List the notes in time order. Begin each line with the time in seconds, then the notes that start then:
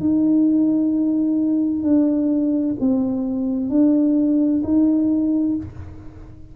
0.00 D#4
1.83 D4
2.80 C4
3.70 D4
4.64 D#4